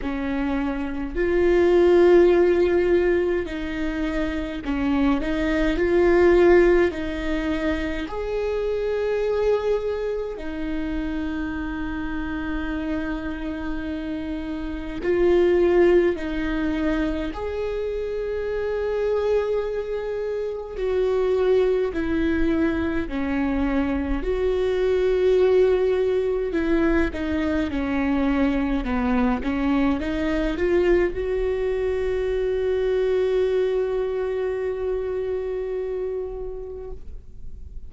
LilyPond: \new Staff \with { instrumentName = "viola" } { \time 4/4 \tempo 4 = 52 cis'4 f'2 dis'4 | cis'8 dis'8 f'4 dis'4 gis'4~ | gis'4 dis'2.~ | dis'4 f'4 dis'4 gis'4~ |
gis'2 fis'4 e'4 | cis'4 fis'2 e'8 dis'8 | cis'4 b8 cis'8 dis'8 f'8 fis'4~ | fis'1 | }